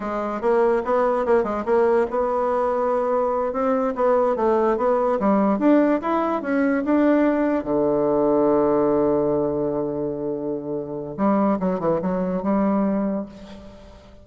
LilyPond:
\new Staff \with { instrumentName = "bassoon" } { \time 4/4 \tempo 4 = 145 gis4 ais4 b4 ais8 gis8 | ais4 b2.~ | b8 c'4 b4 a4 b8~ | b8 g4 d'4 e'4 cis'8~ |
cis'8 d'2 d4.~ | d1~ | d2. g4 | fis8 e8 fis4 g2 | }